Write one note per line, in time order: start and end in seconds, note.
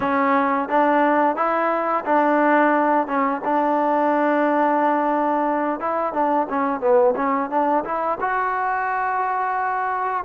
0.00 0.68 C#4
0.68 1.36 D4
1.36 2.04 E4
2.05 3.07 D4
3.07 3.41 C#4
3.44 5.80 D4
5.80 6.13 E4
6.13 6.47 D4
6.49 6.80 C#4
6.80 7.14 B3
7.16 7.50 C#4
7.50 7.84 D4
7.84 8.18 E4
8.20 10.24 F#4